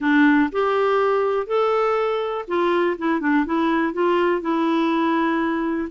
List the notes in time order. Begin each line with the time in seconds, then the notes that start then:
0.00 D4
0.52 G4
1.46 A4
2.47 F4
2.98 E4
3.20 D4
3.45 E4
3.93 F4
4.41 E4